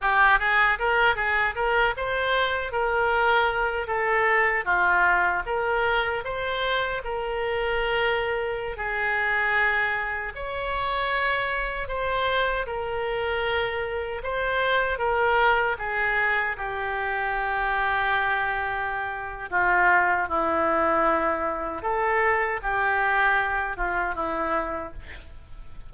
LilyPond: \new Staff \with { instrumentName = "oboe" } { \time 4/4 \tempo 4 = 77 g'8 gis'8 ais'8 gis'8 ais'8 c''4 ais'8~ | ais'4 a'4 f'4 ais'4 | c''4 ais'2~ ais'16 gis'8.~ | gis'4~ gis'16 cis''2 c''8.~ |
c''16 ais'2 c''4 ais'8.~ | ais'16 gis'4 g'2~ g'8.~ | g'4 f'4 e'2 | a'4 g'4. f'8 e'4 | }